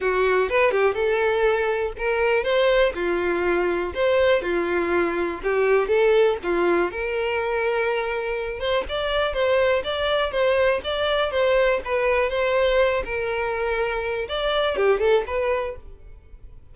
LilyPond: \new Staff \with { instrumentName = "violin" } { \time 4/4 \tempo 4 = 122 fis'4 b'8 g'8 a'2 | ais'4 c''4 f'2 | c''4 f'2 g'4 | a'4 f'4 ais'2~ |
ais'4. c''8 d''4 c''4 | d''4 c''4 d''4 c''4 | b'4 c''4. ais'4.~ | ais'4 d''4 g'8 a'8 b'4 | }